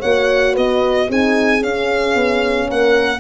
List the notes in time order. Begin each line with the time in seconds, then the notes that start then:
0.00 A#3 F#4 C#5 F#5
0.53 B3 B4 D#5
1.09 C4 D#4 G#4 G#5
1.59 C#4 F5
2.15 B3
2.69 A#3 A#4 F#5